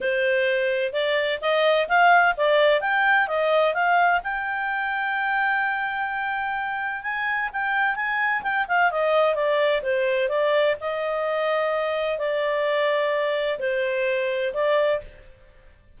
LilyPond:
\new Staff \with { instrumentName = "clarinet" } { \time 4/4 \tempo 4 = 128 c''2 d''4 dis''4 | f''4 d''4 g''4 dis''4 | f''4 g''2.~ | g''2. gis''4 |
g''4 gis''4 g''8 f''8 dis''4 | d''4 c''4 d''4 dis''4~ | dis''2 d''2~ | d''4 c''2 d''4 | }